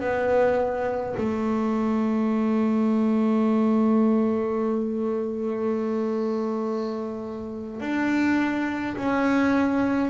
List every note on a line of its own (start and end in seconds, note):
0.00 1.15 B3
1.18 7.80 A3
7.80 8.96 D4
8.97 10.10 C#4